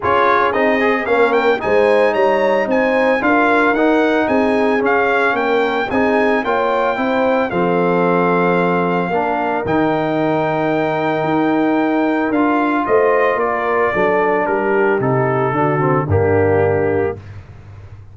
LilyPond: <<
  \new Staff \with { instrumentName = "trumpet" } { \time 4/4 \tempo 4 = 112 cis''4 dis''4 f''8 g''8 gis''4 | ais''4 gis''4 f''4 fis''4 | gis''4 f''4 g''4 gis''4 | g''2 f''2~ |
f''2 g''2~ | g''2. f''4 | dis''4 d''2 ais'4 | a'2 g'2 | }
  \new Staff \with { instrumentName = "horn" } { \time 4/4 gis'2 ais'4 c''4 | cis''4 c''4 ais'2 | gis'2 ais'4 gis'4 | cis''4 c''4 a'2~ |
a'4 ais'2.~ | ais'1 | c''4 ais'4 a'4 g'4~ | g'4 fis'4 d'2 | }
  \new Staff \with { instrumentName = "trombone" } { \time 4/4 f'4 dis'8 gis'8 cis'4 dis'4~ | dis'2 f'4 dis'4~ | dis'4 cis'2 dis'4 | f'4 e'4 c'2~ |
c'4 d'4 dis'2~ | dis'2. f'4~ | f'2 d'2 | dis'4 d'8 c'8 ais2 | }
  \new Staff \with { instrumentName = "tuba" } { \time 4/4 cis'4 c'4 ais4 gis4 | g4 c'4 d'4 dis'4 | c'4 cis'4 ais4 c'4 | ais4 c'4 f2~ |
f4 ais4 dis2~ | dis4 dis'2 d'4 | a4 ais4 fis4 g4 | c4 d4 g,2 | }
>>